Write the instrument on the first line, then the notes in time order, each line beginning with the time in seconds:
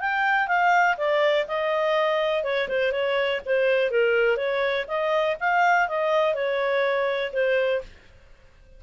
clarinet
0.00 G5
0.47 F5
0.97 D5
1.47 D#5
2.43 C#5
2.68 C5
2.92 C#5
3.45 C5
3.91 A#4
4.36 C#5
4.87 D#5
5.40 F5
5.88 D#5
6.34 C#5
7.32 C5